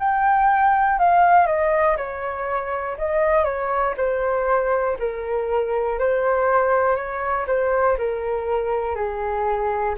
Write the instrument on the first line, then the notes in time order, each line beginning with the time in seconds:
flute
0.00 G5
0.99 F5
1.47 D#5
1.98 C#5
2.98 D#5
3.45 C#5
3.98 C5
4.99 A#4
6.00 C5
6.96 C#5
7.47 C5
7.98 A#4
8.95 G#4